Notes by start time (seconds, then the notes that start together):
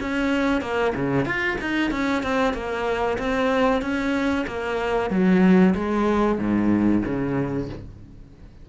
0.00 C#4
0.61 A#3
0.95 C#3
1.25 F4
1.61 D#4
1.91 C#4
2.23 C4
2.54 A#3
3.18 C4
3.81 C#4
4.47 A#3
5.10 F#3
5.74 G#3
6.38 G#2
7.05 C#3